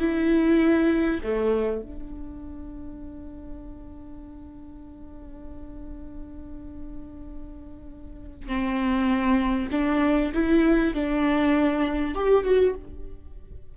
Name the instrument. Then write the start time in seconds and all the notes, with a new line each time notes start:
viola
0.00 E4
1.24 A3
1.82 D4
8.48 C4
9.72 D4
10.34 E4
10.95 D4
12.15 G4
12.45 F#4